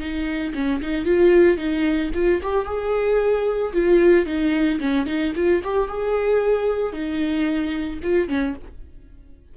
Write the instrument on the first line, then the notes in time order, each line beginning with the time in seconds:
viola
0.00 D#4
0.54 C#4
0.81 D#4
1.05 F4
1.58 D#4
2.14 F4
2.42 G4
2.65 G#4
3.73 F4
4.26 D#4
4.80 C#4
5.06 D#4
5.35 F4
5.64 G4
5.88 G#4
6.93 D#4
8.02 F4
8.28 C#4